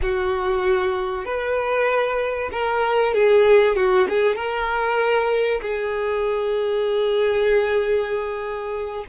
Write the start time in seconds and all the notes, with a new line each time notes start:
0.02 F#4
1.25 B4
2.52 A#4
3.14 G#4
3.76 F#4
4.08 G#4
4.35 A#4
5.61 G#4